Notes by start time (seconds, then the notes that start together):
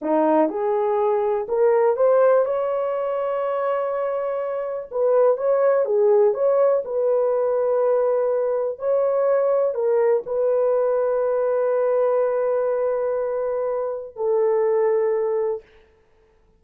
0.01 D#4
0.49 G#4
1.48 A#4
1.96 C5
2.45 C#5
4.91 B4
5.37 C#5
5.85 G#4
6.34 C#5
6.84 B4
8.78 C#5
9.74 A#4
10.25 B4
14.16 A4